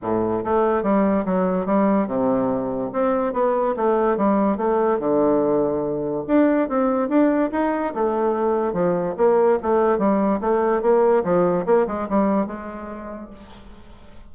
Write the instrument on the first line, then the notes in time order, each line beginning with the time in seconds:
bassoon
0.02 A2
0.44 A3
0.82 G3
1.25 F#3
1.66 G3
2.07 C3
2.92 C4
3.33 B3
3.76 A3
4.17 G3
4.57 A3
4.99 D3
6.27 D4
6.69 C4
7.08 D4
7.51 D#4
7.94 A3
8.73 F3
9.17 A#3
9.62 A3
9.98 G3
10.41 A3
10.82 A#3
11.23 F3
11.66 A#3
11.87 G#3
12.09 G3
12.46 G#3